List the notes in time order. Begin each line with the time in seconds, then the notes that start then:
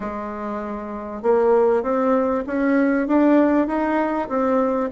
0.00 G#3
1.22 A#3
1.82 C4
2.46 C#4
3.07 D4
3.67 D#4
4.28 C4